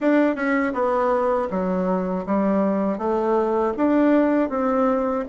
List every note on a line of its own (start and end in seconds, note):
0.00 0.35 D4
0.35 0.73 C#4
0.73 1.48 B3
1.50 2.25 F#3
2.25 2.98 G3
2.98 3.73 A3
3.77 4.49 D4
4.49 5.24 C4